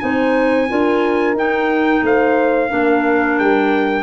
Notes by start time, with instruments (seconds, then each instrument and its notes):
0.00 tuba C4, clarinet D#4, horn C5, trumpet G#5
0.69 tuba D4, clarinet F4, horn A#4
1.34 tuba D#4, clarinet D#4, trumpet G5
2.03 tuba A3, horn C5, trumpet F5
2.69 tuba A#3, clarinet D4, horn A#4
3.39 tuba G3, trumpet G5